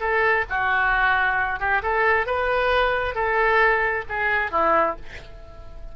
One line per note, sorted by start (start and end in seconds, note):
0.00 0.45 A4
0.49 1.59 F#4
1.59 1.82 G4
1.82 2.27 A4
2.27 3.15 B4
3.15 4.04 A4
4.09 4.51 G#4
4.51 4.96 E4